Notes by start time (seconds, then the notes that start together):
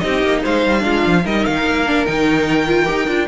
0.00 C4 D#4 G4 D#5
0.23 A#3
0.43 G#3 C5 F5
0.67 G3
0.81 G#3 D4 F4
1.07 F3
1.24 G3 D#4 A#4 D#5
1.46 D#3 F5
1.66 A#3
1.87 D4
2.06 D#3 D#4 G5
2.67 F4
2.86 D#4 G4
3.08 D4 F4